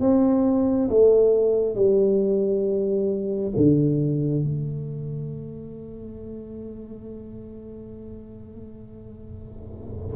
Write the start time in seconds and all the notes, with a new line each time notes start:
0.00 C4
0.89 A3
1.75 G3
3.56 D3
4.43 A3